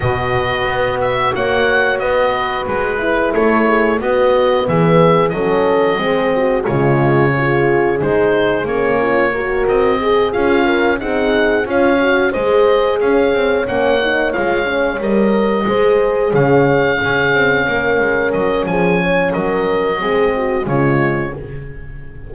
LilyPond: <<
  \new Staff \with { instrumentName = "oboe" } { \time 4/4 \tempo 4 = 90 dis''4. e''8 fis''4 dis''4 | b'4 cis''4 dis''4 e''4 | dis''2 cis''2 | c''4 cis''4. dis''4 f''8~ |
f''8 fis''4 f''4 dis''4 f''8~ | f''8 fis''4 f''4 dis''4.~ | dis''8 f''2. dis''8 | gis''4 dis''2 cis''4 | }
  \new Staff \with { instrumentName = "horn" } { \time 4/4 b'2 cis''4 b'4~ | b'4 a'8 gis'8 fis'4 gis'4 | a'4 gis'8 fis'8 f'4 gis'4~ | gis'4. f'8 ais'4 gis'4 |
ais'8 gis'4 cis''4 c''4 cis''8~ | cis''2.~ cis''8 c''8~ | c''8 cis''4 gis'4 ais'4. | gis'8 cis''8 ais'4 gis'8 fis'8 f'4 | }
  \new Staff \with { instrumentName = "horn" } { \time 4/4 fis'1~ | fis'8 e'4. b2 | cis'4 c'4 gis4 f'4 | dis'4 cis'4 fis'4 gis'8 f'8~ |
f'8 dis'4 f'8 fis'8 gis'4.~ | gis'8 cis'8 dis'8 f'8 cis'8 ais'4 gis'8~ | gis'4. cis'2~ cis'8~ | cis'2 c'4 gis4 | }
  \new Staff \with { instrumentName = "double bass" } { \time 4/4 b,4 b4 ais4 b4 | gis4 a4 b4 e4 | fis4 gis4 cis2 | gis4 ais4. c'4 cis'8~ |
cis'8 c'4 cis'4 gis4 cis'8 | c'8 ais4 gis4 g4 gis8~ | gis8 cis4 cis'8 c'8 ais8 gis8 fis8 | f4 fis4 gis4 cis4 | }
>>